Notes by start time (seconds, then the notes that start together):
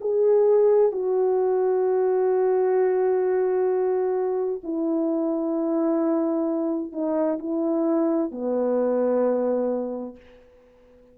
0.00 G#4
0.91 F#4
4.63 E4
6.92 D#4
7.38 E4
8.31 B3